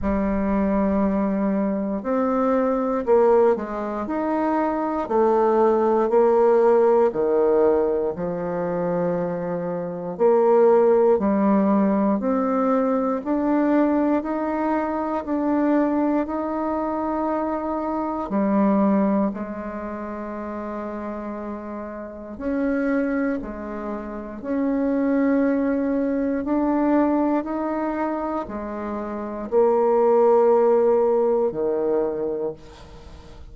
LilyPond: \new Staff \with { instrumentName = "bassoon" } { \time 4/4 \tempo 4 = 59 g2 c'4 ais8 gis8 | dis'4 a4 ais4 dis4 | f2 ais4 g4 | c'4 d'4 dis'4 d'4 |
dis'2 g4 gis4~ | gis2 cis'4 gis4 | cis'2 d'4 dis'4 | gis4 ais2 dis4 | }